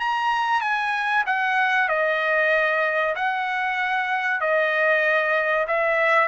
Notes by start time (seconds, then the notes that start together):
0.00 A#5
0.61 G#5
1.27 F#5
1.89 D#5
3.16 F#5
4.41 D#5
5.68 E5